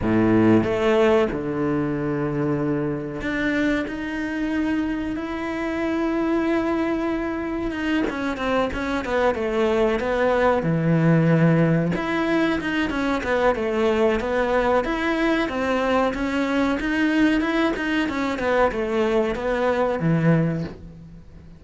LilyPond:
\new Staff \with { instrumentName = "cello" } { \time 4/4 \tempo 4 = 93 a,4 a4 d2~ | d4 d'4 dis'2 | e'1 | dis'8 cis'8 c'8 cis'8 b8 a4 b8~ |
b8 e2 e'4 dis'8 | cis'8 b8 a4 b4 e'4 | c'4 cis'4 dis'4 e'8 dis'8 | cis'8 b8 a4 b4 e4 | }